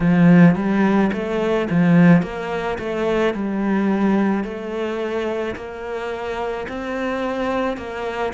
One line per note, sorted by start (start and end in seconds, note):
0.00 0.55 F3
0.55 1.11 G3
1.12 1.68 A3
1.69 2.22 F3
2.22 2.78 A#3
2.78 3.34 A3
3.34 4.43 G3
4.43 5.55 A3
5.56 6.67 A#3
6.68 7.77 C4
7.77 8.32 A#3